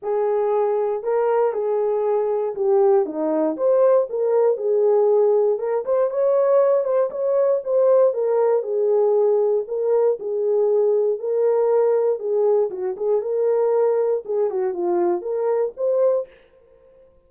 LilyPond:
\new Staff \with { instrumentName = "horn" } { \time 4/4 \tempo 4 = 118 gis'2 ais'4 gis'4~ | gis'4 g'4 dis'4 c''4 | ais'4 gis'2 ais'8 c''8 | cis''4. c''8 cis''4 c''4 |
ais'4 gis'2 ais'4 | gis'2 ais'2 | gis'4 fis'8 gis'8 ais'2 | gis'8 fis'8 f'4 ais'4 c''4 | }